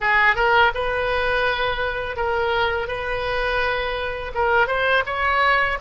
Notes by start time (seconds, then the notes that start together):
0.00 G#4
0.35 A#4
0.74 B4
2.16 A#4
2.87 B4
4.34 A#4
4.67 C5
5.06 C#5